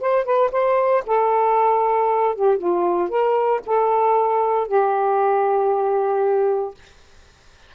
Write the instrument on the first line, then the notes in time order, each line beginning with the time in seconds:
saxophone
0.00 C5
0.24 B4
0.51 C5
1.06 A4
2.35 G4
2.58 F4
3.09 A#4
3.66 A4
4.67 G4